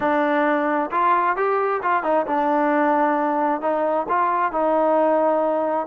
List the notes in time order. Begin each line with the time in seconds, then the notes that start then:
0.00 D4
0.91 F4
1.36 G4
1.82 F4
2.03 D#4
2.26 D4
3.61 D#4
4.08 F4
4.52 D#4